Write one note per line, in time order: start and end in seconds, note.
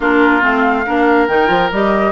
0.00 0.42 A#3
0.00 0.41 D4
0.00 0.85 F4
0.00 0.44 A#4
0.41 0.85 A3
0.41 0.84 C4
0.41 1.27 F5
0.86 1.28 A#3
0.86 1.28 D4
0.86 2.12 A#4
1.27 1.48 D#3
1.27 1.47 D#4
1.27 1.70 G5
1.47 1.70 F3
1.47 1.68 F4
1.71 2.12 G3
1.71 2.12 G4
1.71 2.12 D#5